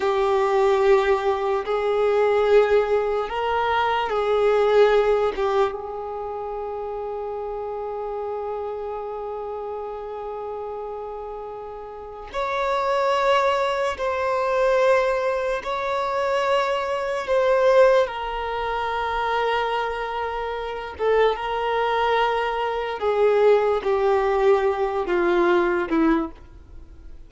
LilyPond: \new Staff \with { instrumentName = "violin" } { \time 4/4 \tempo 4 = 73 g'2 gis'2 | ais'4 gis'4. g'8 gis'4~ | gis'1~ | gis'2. cis''4~ |
cis''4 c''2 cis''4~ | cis''4 c''4 ais'2~ | ais'4. a'8 ais'2 | gis'4 g'4. f'4 e'8 | }